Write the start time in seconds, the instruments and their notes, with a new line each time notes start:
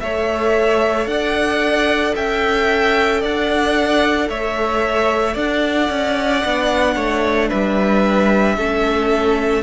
0.00 cello A3, viola A4, violin C#5 E5
1.06 cello D4, violin D5 F#5
2.15 cello C#4, violin E5 G5
3.20 cello D4, violin D5 F#5
4.29 cello A3, violin C#5 E5
5.33 cello D4, violin D5 F#5
5.89 cello C#4
6.44 cello B3, viola D4
6.95 cello A3, violin C#5
7.48 cello G3, violin B4 E5
8.57 cello A3, viola C#4, violin A4